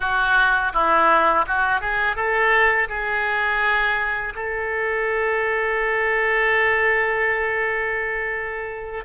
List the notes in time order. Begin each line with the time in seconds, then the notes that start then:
0.00 F#4
0.73 E4
1.47 F#4
1.80 G#4
2.16 A4
2.88 G#4
4.35 A4